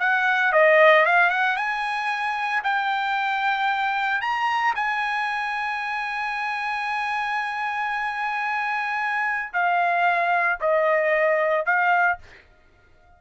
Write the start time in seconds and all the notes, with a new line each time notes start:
0.00 F#5
0.53 D#5
1.06 F5
1.30 F#5
1.56 G#5
2.64 G5
4.21 A#5
4.75 G#5
9.53 F5
10.61 D#5
11.66 F5